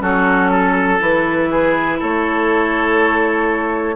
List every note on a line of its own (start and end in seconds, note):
0.00 1.00 F#3
0.00 0.98 C#4
0.00 0.51 F#4
0.00 1.00 A4
0.51 1.49 A4
0.99 1.99 E3
0.99 3.94 E4
0.99 2.00 B4
1.50 1.99 G#4
1.99 3.96 A3
1.99 3.95 A4
1.99 3.96 C#5